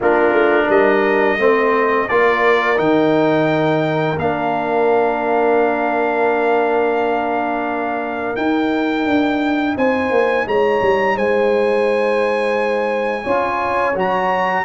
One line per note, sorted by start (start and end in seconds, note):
0.00 0.32 A#3
0.00 1.39 D4
0.00 0.65 F4
0.00 0.70 A#4
0.32 0.67 A3
0.68 1.38 G3
0.68 1.38 A#4
0.68 2.08 D#5
1.38 2.07 A3
1.38 2.08 C4
1.38 2.10 C5
2.08 2.78 A#3
2.08 2.76 F4
2.08 9.76 A#4
2.08 2.78 D5
2.76 4.17 D#3
2.76 4.16 D#4
2.76 4.17 G5
4.17 8.35 A#3
4.17 8.35 D4
4.17 8.36 F5
8.35 13.23 D#4
8.35 9.05 D#4
8.35 9.75 G5
9.05 9.75 D4
9.76 10.10 C4
9.76 10.46 C5
9.76 10.47 G#5
10.10 10.45 A#3
10.46 10.81 G#3
10.46 11.16 C#5
10.46 11.17 A#5
10.81 11.15 G3
11.15 13.25 G#3
11.15 13.23 C5
11.15 13.96 G#5
13.23 13.95 C#4
13.23 13.94 F4
13.23 14.62 C#5
13.95 14.64 F#3
13.95 14.65 F#4
13.95 14.65 A#5